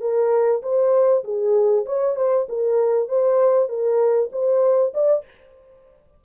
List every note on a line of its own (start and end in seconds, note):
0.00 0.61 A#4
0.62 1.23 C5
1.24 1.85 G#4
1.85 2.16 C#5
2.16 2.46 C5
2.49 3.08 A#4
3.08 3.68 C5
3.68 4.30 A#4
4.32 4.93 C5
4.94 5.24 D5